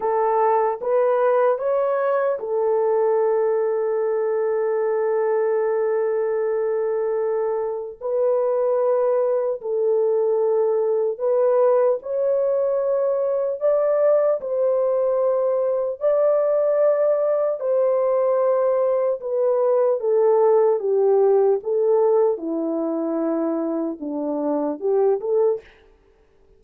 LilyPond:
\new Staff \with { instrumentName = "horn" } { \time 4/4 \tempo 4 = 75 a'4 b'4 cis''4 a'4~ | a'1~ | a'2 b'2 | a'2 b'4 cis''4~ |
cis''4 d''4 c''2 | d''2 c''2 | b'4 a'4 g'4 a'4 | e'2 d'4 g'8 a'8 | }